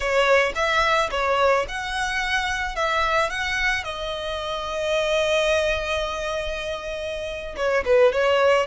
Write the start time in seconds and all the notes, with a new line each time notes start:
0.00 C#5
0.55 E5
1.10 C#5
1.68 F#5
2.75 E5
3.30 F#5
3.84 D#5
7.56 C#5
7.85 B4
8.12 C#5